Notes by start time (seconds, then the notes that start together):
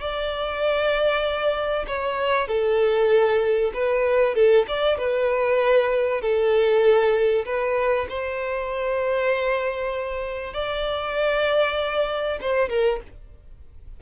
0.00 D5
1.87 C#5
2.48 A4
3.74 B4
4.35 A4
4.68 D5
4.98 B4
6.21 A4
7.45 B4
8.09 C5
10.53 D5
12.41 C5
12.69 A#4